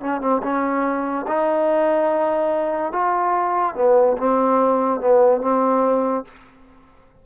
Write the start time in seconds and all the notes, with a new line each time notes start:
0.00 C#4
0.21 C4
0.42 C#4
1.28 D#4
2.92 F4
3.75 B3
4.17 C4
5.00 B3
5.41 C4